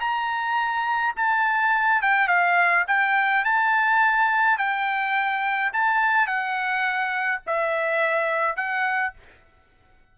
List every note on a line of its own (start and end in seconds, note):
0.00 1.14 A#5
1.16 2.02 A5
2.02 2.28 G5
2.28 2.85 F5
2.87 3.44 G5
3.45 4.58 A5
4.58 5.72 G5
5.73 6.27 A5
6.27 7.41 F#5
7.46 8.56 E5
8.56 9.13 F#5